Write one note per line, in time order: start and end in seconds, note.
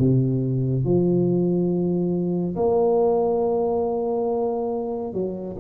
0.00 0.85 C3
0.85 2.56 F3
2.56 5.14 A#3
5.14 5.56 F#3